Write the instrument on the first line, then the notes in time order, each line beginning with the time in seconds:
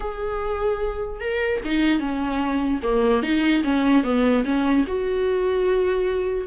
viola
0.00 G#4
1.20 A#4
1.64 D#4
1.99 C#4
2.82 A#3
3.22 D#4
3.63 C#4
4.03 B3
4.44 C#4
4.87 F#4